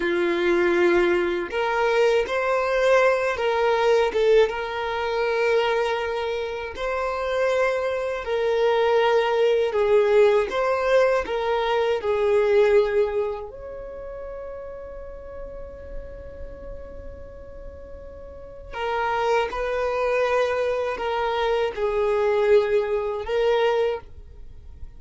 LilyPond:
\new Staff \with { instrumentName = "violin" } { \time 4/4 \tempo 4 = 80 f'2 ais'4 c''4~ | c''8 ais'4 a'8 ais'2~ | ais'4 c''2 ais'4~ | ais'4 gis'4 c''4 ais'4 |
gis'2 cis''2~ | cis''1~ | cis''4 ais'4 b'2 | ais'4 gis'2 ais'4 | }